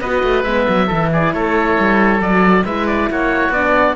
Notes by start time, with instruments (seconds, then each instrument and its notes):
0.00 cello B3, horn F#4, oboe B4 D#5
0.24 cello A3
0.43 cello G#3, horn B3, oboe E5
0.69 cello F#3
0.87 cello E3, horn E4, oboe A4
1.13 oboe G#4 D5
1.33 cello A3, oboe A4 C#5
1.79 cello G3
2.20 cello F#3, horn F#4, oboe D5
2.65 cello G#3, horn E4, oboe B4 E5
2.87 oboe D5
3.10 cello A#3, oboe F#4 C#5
3.49 cello B3, horn D4, oboe D5